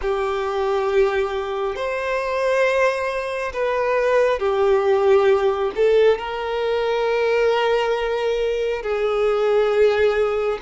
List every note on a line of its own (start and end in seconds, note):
0.01 1.75 G4
1.75 3.52 C5
3.53 4.39 B4
4.39 5.72 G4
5.75 6.18 A4
6.18 8.82 A#4
8.82 10.58 G#4